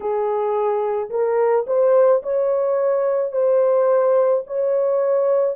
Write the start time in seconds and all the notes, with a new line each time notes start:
0.00 G#4
1.10 A#4
1.66 C5
2.22 C#5
3.32 C5
4.46 C#5